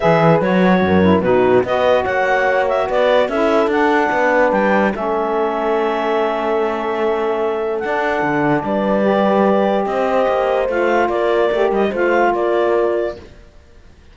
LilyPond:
<<
  \new Staff \with { instrumentName = "clarinet" } { \time 4/4 \tempo 4 = 146 e''4 cis''2 b'4 | dis''4 fis''4. e''8 d''4 | e''4 fis''2 g''4 | e''1~ |
e''2. fis''4~ | fis''4 d''2. | dis''2 f''4 d''4~ | d''8 dis''8 f''4 d''2 | }
  \new Staff \with { instrumentName = "horn" } { \time 4/4 b'2 ais'4 fis'4 | b'4 cis''2 b'4 | a'2 b'2 | a'1~ |
a'1~ | a'4 b'2. | c''2. ais'4~ | ais'4 c''4 ais'2 | }
  \new Staff \with { instrumentName = "saxophone" } { \time 4/4 gis'4 fis'4. e'8 dis'4 | fis'1 | e'4 d'2. | cis'1~ |
cis'2. d'4~ | d'2 g'2~ | g'2 f'2 | g'4 f'2. | }
  \new Staff \with { instrumentName = "cello" } { \time 4/4 e4 fis4 fis,4 b,4 | b4 ais2 b4 | cis'4 d'4 b4 g4 | a1~ |
a2. d'4 | d4 g2. | c'4 ais4 a4 ais4 | a8 g8 a4 ais2 | }
>>